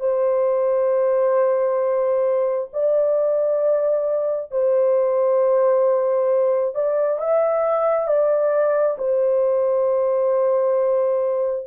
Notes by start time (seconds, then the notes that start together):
0.00 C5
2.73 D5
4.51 C5
6.75 D5
7.19 E5
8.08 D5
8.98 C5